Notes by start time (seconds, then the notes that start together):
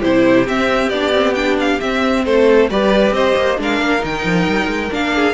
0.00 C3 E4 G4 C5
0.47 C4 E5
0.90 B3 D4 D5
1.13 C4
1.35 D4 G5
1.60 F5
1.81 C4 E5
2.26 A3 A4 C5
2.70 G3 G4 B4 D5
3.11 C4 C5 D#5
3.37 A#3
3.58 G#3 D4 A#4 F5
3.81 A#3
4.00 D#3 D#4 G5
4.25 F3
4.48 G3
4.67 G#3
4.91 A#3 D4 F5
5.15 G#4